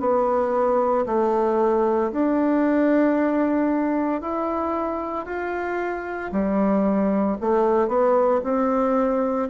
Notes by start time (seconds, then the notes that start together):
0.00 B3
1.06 A3
2.12 D4
4.21 E4
5.25 F4
6.32 G3
7.41 A3
7.88 B3
8.44 C4